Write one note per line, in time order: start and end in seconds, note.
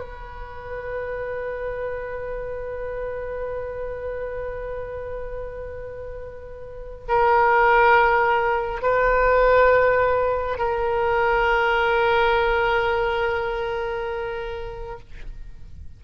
0.00 7.06 B4
7.08 8.82 A#4
8.82 10.58 B4
10.58 15.00 A#4